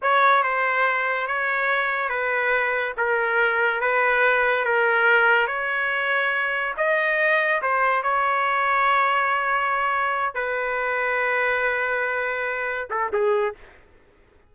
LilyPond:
\new Staff \with { instrumentName = "trumpet" } { \time 4/4 \tempo 4 = 142 cis''4 c''2 cis''4~ | cis''4 b'2 ais'4~ | ais'4 b'2 ais'4~ | ais'4 cis''2. |
dis''2 c''4 cis''4~ | cis''1~ | cis''8 b'2.~ b'8~ | b'2~ b'8 a'8 gis'4 | }